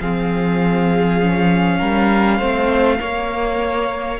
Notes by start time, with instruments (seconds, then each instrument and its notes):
0.00 cello F3, viola C4, violin G#4 F5
1.21 viola C#4
1.78 cello G3, violin A#4
2.37 cello A3, viola C4, violin C5
2.98 viola A#3, cello A#3, violin C#5